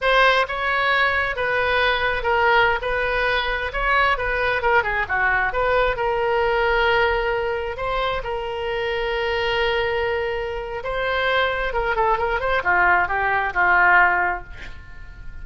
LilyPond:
\new Staff \with { instrumentName = "oboe" } { \time 4/4 \tempo 4 = 133 c''4 cis''2 b'4~ | b'4 ais'4~ ais'16 b'4.~ b'16~ | b'16 cis''4 b'4 ais'8 gis'8 fis'8.~ | fis'16 b'4 ais'2~ ais'8.~ |
ais'4~ ais'16 c''4 ais'4.~ ais'16~ | ais'1 | c''2 ais'8 a'8 ais'8 c''8 | f'4 g'4 f'2 | }